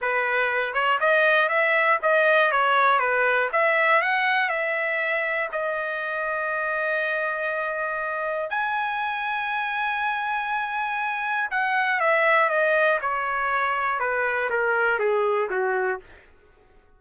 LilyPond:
\new Staff \with { instrumentName = "trumpet" } { \time 4/4 \tempo 4 = 120 b'4. cis''8 dis''4 e''4 | dis''4 cis''4 b'4 e''4 | fis''4 e''2 dis''4~ | dis''1~ |
dis''4 gis''2.~ | gis''2. fis''4 | e''4 dis''4 cis''2 | b'4 ais'4 gis'4 fis'4 | }